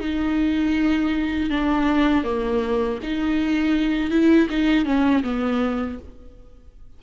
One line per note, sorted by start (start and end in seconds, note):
0.00 1.50 D#4
1.50 2.24 D4
2.24 2.99 A#3
3.03 4.10 D#4
4.10 4.48 E4
4.50 4.85 D#4
4.85 5.23 C#4
5.23 5.98 B3